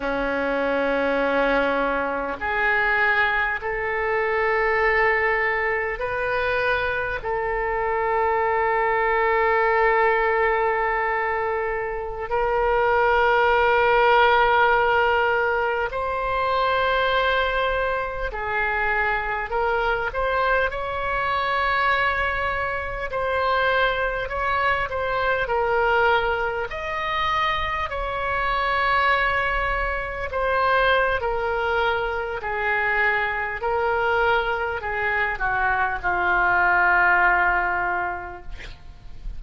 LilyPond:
\new Staff \with { instrumentName = "oboe" } { \time 4/4 \tempo 4 = 50 cis'2 gis'4 a'4~ | a'4 b'4 a'2~ | a'2~ a'16 ais'4.~ ais'16~ | ais'4~ ais'16 c''2 gis'8.~ |
gis'16 ais'8 c''8 cis''2 c''8.~ | c''16 cis''8 c''8 ais'4 dis''4 cis''8.~ | cis''4~ cis''16 c''8. ais'4 gis'4 | ais'4 gis'8 fis'8 f'2 | }